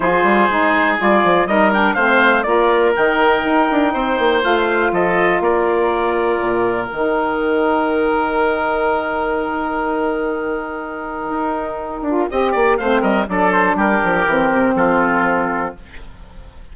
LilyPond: <<
  \new Staff \with { instrumentName = "trumpet" } { \time 4/4 \tempo 4 = 122 c''2 d''4 dis''8 g''8 | f''4 d''4 g''2~ | g''4 f''4 dis''4 d''4~ | d''2 g''2~ |
g''1~ | g''1~ | g''2 f''8 dis''8 d''8 c''8 | ais'2 a'2 | }
  \new Staff \with { instrumentName = "oboe" } { \time 4/4 gis'2. ais'4 | c''4 ais'2. | c''2 a'4 ais'4~ | ais'1~ |
ais'1~ | ais'1~ | ais'4 dis''8 d''8 c''8 ais'8 a'4 | g'2 f'2 | }
  \new Staff \with { instrumentName = "saxophone" } { \time 4/4 f'4 dis'4 f'4 dis'8 d'8 | c'4 f'4 dis'2~ | dis'4 f'2.~ | f'2 dis'2~ |
dis'1~ | dis'1~ | dis'8 f'8 g'4 c'4 d'4~ | d'4 c'2. | }
  \new Staff \with { instrumentName = "bassoon" } { \time 4/4 f8 g8 gis4 g8 f8 g4 | a4 ais4 dis4 dis'8 d'8 | c'8 ais8 a4 f4 ais4~ | ais4 ais,4 dis2~ |
dis1~ | dis2. dis'4~ | dis'8 d'8 c'8 ais8 a8 g8 fis4 | g8 f8 e8 c8 f2 | }
>>